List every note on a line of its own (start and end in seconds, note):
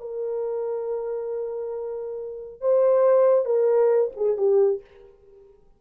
0.00 2.61 A#4
2.61 3.45 C5
3.45 4.11 A#4
4.16 4.37 G#4
4.37 4.81 G4